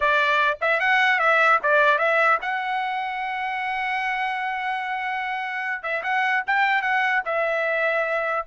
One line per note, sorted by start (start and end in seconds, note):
0.00 0.57 D5
0.61 0.80 E5
0.80 1.19 F#5
1.19 1.59 E5
1.63 1.98 D5
1.98 2.38 E5
2.41 5.82 F#5
5.82 6.02 E5
6.03 6.43 F#5
6.46 6.82 G5
6.82 7.22 F#5
7.25 8.46 E5